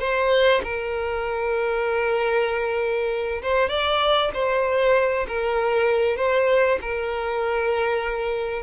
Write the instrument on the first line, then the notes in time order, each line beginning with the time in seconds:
violin
0.00 C5
0.64 A#4
3.42 C5
3.69 D5
4.34 C5
5.28 A#4
6.17 C5
6.82 A#4